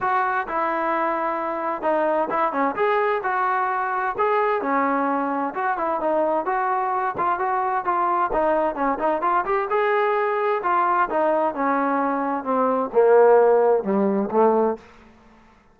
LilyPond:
\new Staff \with { instrumentName = "trombone" } { \time 4/4 \tempo 4 = 130 fis'4 e'2. | dis'4 e'8 cis'8 gis'4 fis'4~ | fis'4 gis'4 cis'2 | fis'8 e'8 dis'4 fis'4. f'8 |
fis'4 f'4 dis'4 cis'8 dis'8 | f'8 g'8 gis'2 f'4 | dis'4 cis'2 c'4 | ais2 g4 a4 | }